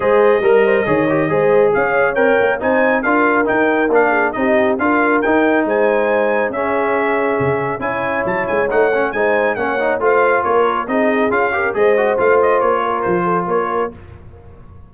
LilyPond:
<<
  \new Staff \with { instrumentName = "trumpet" } { \time 4/4 \tempo 4 = 138 dis''1 | f''4 g''4 gis''4 f''4 | g''4 f''4 dis''4 f''4 | g''4 gis''2 e''4~ |
e''2 gis''4 a''8 gis''8 | fis''4 gis''4 fis''4 f''4 | cis''4 dis''4 f''4 dis''4 | f''8 dis''8 cis''4 c''4 cis''4 | }
  \new Staff \with { instrumentName = "horn" } { \time 4/4 c''4 ais'8 c''8 cis''4 c''4 | cis''2 c''4 ais'4~ | ais'4. gis'8 g'4 ais'4~ | ais'4 c''2 gis'4~ |
gis'2 cis''2~ | cis''4 c''4 cis''4 c''4 | ais'4 gis'4. ais'8 c''4~ | c''4. ais'4 a'8 ais'4 | }
  \new Staff \with { instrumentName = "trombone" } { \time 4/4 gis'4 ais'4 gis'8 g'8 gis'4~ | gis'4 ais'4 dis'4 f'4 | dis'4 d'4 dis'4 f'4 | dis'2. cis'4~ |
cis'2 e'2 | dis'8 cis'8 dis'4 cis'8 dis'8 f'4~ | f'4 dis'4 f'8 g'8 gis'8 fis'8 | f'1 | }
  \new Staff \with { instrumentName = "tuba" } { \time 4/4 gis4 g4 dis4 gis4 | cis'4 c'8 ais8 c'4 d'4 | dis'4 ais4 c'4 d'4 | dis'4 gis2 cis'4~ |
cis'4 cis4 cis'4 fis8 gis8 | a4 gis4 ais4 a4 | ais4 c'4 cis'4 gis4 | a4 ais4 f4 ais4 | }
>>